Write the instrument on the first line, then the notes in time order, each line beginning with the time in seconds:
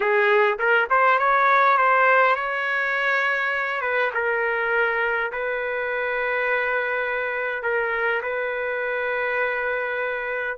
trumpet
0.00 G#4
0.59 A#4
0.90 C5
1.18 C#5
1.77 C5
2.35 C#5
3.81 B4
4.14 A#4
5.32 B4
7.62 A#4
8.22 B4